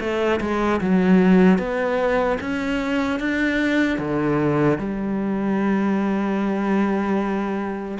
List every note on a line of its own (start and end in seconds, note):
0.00 0.40 A3
0.40 0.80 G#3
0.81 1.59 F#3
1.59 2.38 B3
2.40 3.19 C#4
3.19 3.99 D4
3.99 4.79 D3
4.79 7.99 G3